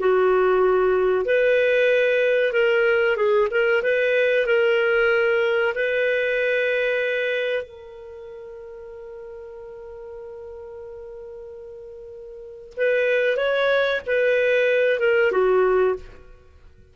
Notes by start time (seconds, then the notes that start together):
0.00 F#4
1.25 B4
2.53 A#4
3.17 G#4
3.51 A#4
3.83 B4
4.47 A#4
5.75 B4
7.63 A#4
12.77 B4
13.37 C#5
14.07 B4
15.00 A#4
15.32 F#4